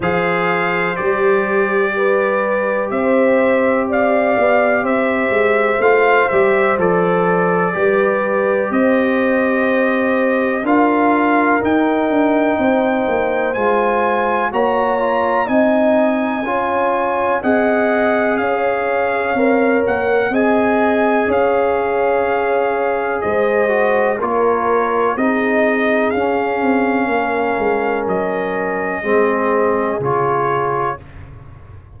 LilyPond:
<<
  \new Staff \with { instrumentName = "trumpet" } { \time 4/4 \tempo 4 = 62 f''4 d''2 e''4 | f''4 e''4 f''8 e''8 d''4~ | d''4 dis''2 f''4 | g''2 gis''4 ais''4 |
gis''2 fis''4 f''4~ | f''8 fis''8 gis''4 f''2 | dis''4 cis''4 dis''4 f''4~ | f''4 dis''2 cis''4 | }
  \new Staff \with { instrumentName = "horn" } { \time 4/4 c''2 b'4 c''4 | d''4 c''2. | b'4 c''2 ais'4~ | ais'4 c''2 cis''4 |
dis''4 cis''4 dis''4 cis''4~ | cis''4 dis''4 cis''2 | c''4 ais'4 gis'2 | ais'2 gis'2 | }
  \new Staff \with { instrumentName = "trombone" } { \time 4/4 gis'4 g'2.~ | g'2 f'8 g'8 a'4 | g'2. f'4 | dis'2 f'4 fis'8 f'8 |
dis'4 f'4 gis'2 | ais'4 gis'2.~ | gis'8 fis'8 f'4 dis'4 cis'4~ | cis'2 c'4 f'4 | }
  \new Staff \with { instrumentName = "tuba" } { \time 4/4 f4 g2 c'4~ | c'8 b8 c'8 gis8 a8 g8 f4 | g4 c'2 d'4 | dis'8 d'8 c'8 ais8 gis4 ais4 |
c'4 cis'4 c'4 cis'4 | c'8 ais8 c'4 cis'2 | gis4 ais4 c'4 cis'8 c'8 | ais8 gis8 fis4 gis4 cis4 | }
>>